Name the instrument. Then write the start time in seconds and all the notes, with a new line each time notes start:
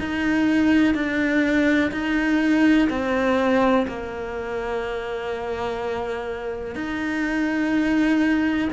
cello
0.00 D#4
0.95 D4
1.92 D#4
2.90 C4
3.88 A#3
6.76 D#4